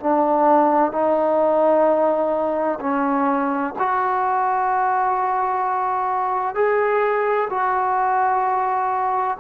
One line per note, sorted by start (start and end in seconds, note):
0.00 0.92 D4
0.92 2.79 D#4
2.80 3.74 C#4
3.79 6.55 F#4
6.55 7.49 G#4
7.50 9.37 F#4